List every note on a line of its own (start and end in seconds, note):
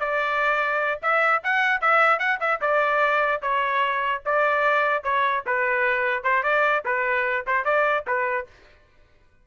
0.00 1.01 D5
1.02 1.43 E5
1.44 1.81 F#5
1.81 2.19 E5
2.19 2.39 F#5
2.41 2.61 E5
2.61 3.42 D5
3.42 4.22 C#5
4.26 5.04 D5
5.04 5.44 C#5
5.46 6.24 B4
6.24 6.43 C5
6.43 6.83 D5
6.85 7.46 B4
7.47 7.65 C5
7.65 8.05 D5
8.07 8.47 B4